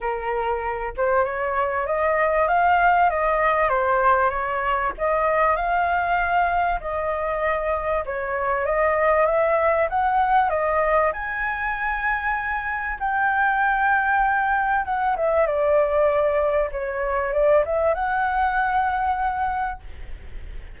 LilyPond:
\new Staff \with { instrumentName = "flute" } { \time 4/4 \tempo 4 = 97 ais'4. c''8 cis''4 dis''4 | f''4 dis''4 c''4 cis''4 | dis''4 f''2 dis''4~ | dis''4 cis''4 dis''4 e''4 |
fis''4 dis''4 gis''2~ | gis''4 g''2. | fis''8 e''8 d''2 cis''4 | d''8 e''8 fis''2. | }